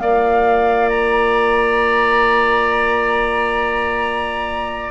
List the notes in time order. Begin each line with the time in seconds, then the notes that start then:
0.00 A#3 F4 D5 F5
0.89 A#5